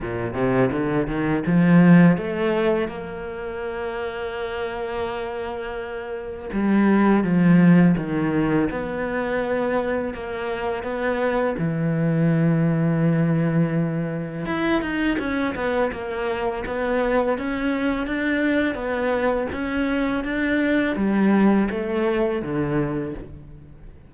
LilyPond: \new Staff \with { instrumentName = "cello" } { \time 4/4 \tempo 4 = 83 ais,8 c8 d8 dis8 f4 a4 | ais1~ | ais4 g4 f4 dis4 | b2 ais4 b4 |
e1 | e'8 dis'8 cis'8 b8 ais4 b4 | cis'4 d'4 b4 cis'4 | d'4 g4 a4 d4 | }